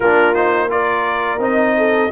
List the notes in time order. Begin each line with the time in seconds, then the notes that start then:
0.00 A#3 D4 F4 A#4
0.34 D#4 C5
0.69 F4 A#4 D5
1.39 C4 D#4 D#5
1.77 A4